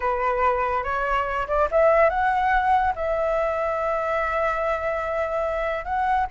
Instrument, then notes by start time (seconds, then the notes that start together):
flute
0.00 B4
0.83 C#5
1.47 D5
1.71 E5
2.09 F#5
2.95 E5
5.85 F#5